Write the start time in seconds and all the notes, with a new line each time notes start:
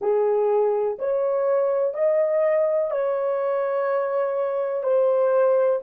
0.00 G#4
0.99 C#5
1.94 D#5
2.90 C#5
4.83 C5